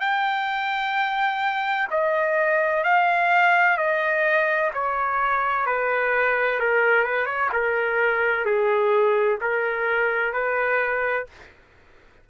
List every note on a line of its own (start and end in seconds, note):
0.00 1.87 G5
1.90 2.83 D#5
2.83 3.77 F5
3.77 4.71 D#5
4.73 5.66 C#5
5.66 6.60 B4
6.60 7.04 A#4
7.04 7.26 B4
7.26 7.49 C#5
7.52 8.45 A#4
8.45 9.39 G#4
9.40 10.33 A#4
10.33 11.26 B4